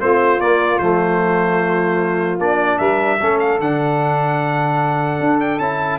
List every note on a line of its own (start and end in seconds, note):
0.00 0.39 A3
0.00 0.40 C4
0.00 2.78 F4
0.00 0.41 C5
0.39 0.79 A#3
0.39 0.80 A#3
0.39 0.79 D5
0.79 2.38 F3
0.79 2.40 A3
0.79 2.39 C5
2.38 2.78 A#3
2.38 3.20 D4
2.38 2.78 D5
2.78 3.20 G3
2.78 3.18 A#4
2.78 3.38 E5
3.19 3.60 A3
3.19 3.61 C#4
3.19 5.99 A4
3.39 3.59 F5
3.60 5.20 D3
3.60 5.61 D4
3.60 5.40 F#5
5.20 5.59 D4
5.40 5.59 G5
5.59 5.99 C#4
5.59 5.99 E4
5.59 5.99 A5